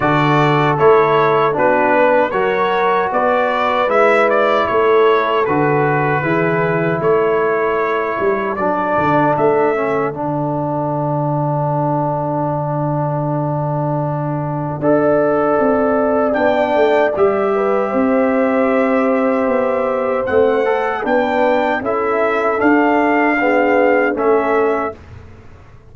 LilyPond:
<<
  \new Staff \with { instrumentName = "trumpet" } { \time 4/4 \tempo 4 = 77 d''4 cis''4 b'4 cis''4 | d''4 e''8 d''8 cis''4 b'4~ | b'4 cis''2 d''4 | e''4 fis''2.~ |
fis''1~ | fis''4 g''4 e''2~ | e''2 fis''4 g''4 | e''4 f''2 e''4 | }
  \new Staff \with { instrumentName = "horn" } { \time 4/4 a'2 fis'8 b'8 ais'4 | b'2 a'2 | gis'4 a'2.~ | a'1~ |
a'2. d''4~ | d''2~ d''8 b'8 c''4~ | c''2. b'4 | a'2 gis'4 a'4 | }
  \new Staff \with { instrumentName = "trombone" } { \time 4/4 fis'4 e'4 d'4 fis'4~ | fis'4 e'2 fis'4 | e'2. d'4~ | d'8 cis'8 d'2.~ |
d'2. a'4~ | a'4 d'4 g'2~ | g'2 c'8 a'8 d'4 | e'4 d'4 b4 cis'4 | }
  \new Staff \with { instrumentName = "tuba" } { \time 4/4 d4 a4 b4 fis4 | b4 gis4 a4 d4 | e4 a4. g8 fis8 d8 | a4 d2.~ |
d2. d'4 | c'4 b8 a8 g4 c'4~ | c'4 b4 a4 b4 | cis'4 d'2 a4 | }
>>